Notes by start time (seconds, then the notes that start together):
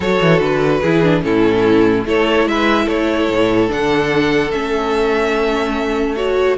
0.00 F#3 F#4 A4 C#5
0.20 E3
0.39 D3 B4
0.80 E3 E4 G#4
1.03 D4
1.21 A2 C#4 E4 A4
2.05 A3 E4 A4 C#5
2.45 G#3 B4 E5
2.85 A3 A4 C#5
3.28 A2
3.68 D3 D4 F#5
4.51 A3 C#4 E5
6.16 F#4 C#5